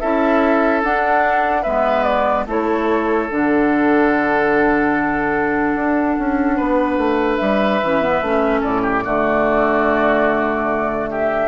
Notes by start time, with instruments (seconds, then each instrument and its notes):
0.00 bassoon C#4, clarinet E4, oboe A4, flute E5
0.84 bassoon D4, clarinet D4, flute F#5
1.62 bassoon G#3, clarinet B3, oboe B4, flute E5
2.04 flute D5
2.46 bassoon A3, clarinet E4, oboe A4, flute C#5
3.29 bassoon D3, clarinet D4, flute F#5
5.75 bassoon D4
6.18 bassoon C#4
6.57 bassoon B3, oboe B4
6.97 bassoon A3
7.37 bassoon G3, flute E5
7.83 bassoon E3, clarinet C#4
8.02 clarinet B3
8.22 bassoon A3, clarinet C#4
8.60 bassoon A2, oboe A4, flute D5
8.83 oboe G4
9.04 bassoon D3, clarinet A3, oboe F#4
11.10 oboe G4, flute E5